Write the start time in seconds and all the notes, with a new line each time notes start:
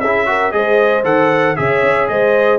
0.00 C#4 E4 G#4 E5
0.26 F#4 A#4
0.52 G#3 G#4 C5 D#5
1.04 D#3 A4 F#5
1.56 C#3 G#4 C#5 E5
1.82 C#4
2.08 G#3 C5 D#5